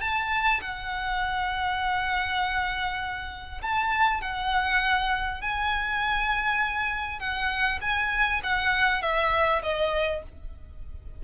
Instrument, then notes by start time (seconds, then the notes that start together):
violin
0.00 A5
0.61 F#5
3.62 A5
4.21 F#5
5.41 G#5
7.19 F#5
7.81 G#5
8.43 F#5
9.02 E5
9.62 D#5